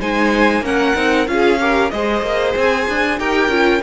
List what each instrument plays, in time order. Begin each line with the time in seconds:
0.00 cello G#3, viola D#4, violin C5 G#5
0.61 cello A#3, viola C#4, violin A#4 F#5
0.95 cello C4, viola D#4
1.28 cello C#4, viola F4, violin G#4 F5
1.60 viola G4, violin A#4
1.90 cello G#3, viola G#4, violin C5 D#5
2.22 cello A#3
2.56 cello C4, violin G#5
2.89 cello D4
3.19 cello D#4, viola G4, violin A#4 G5
3.49 cello C#4, viola F4